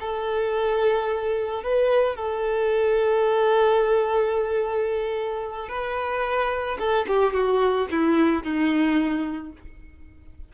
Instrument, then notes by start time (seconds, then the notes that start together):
violin
0.00 A4
1.64 B4
2.16 A4
5.69 B4
6.79 A4
7.08 G4
7.34 F#4
7.91 E4
8.43 D#4